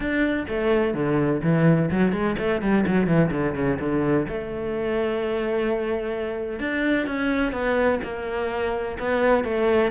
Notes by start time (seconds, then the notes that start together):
0.00 D4
0.48 A3
0.93 D3
1.42 E3
1.90 F#3
2.12 G#3
2.38 A3
2.61 G3
2.86 F#3
3.06 E3
3.31 D3
3.54 C#3
3.79 D3
4.28 A3
6.59 D4
7.07 C#4
7.52 B3
8.03 A#3
8.99 B3
9.44 A3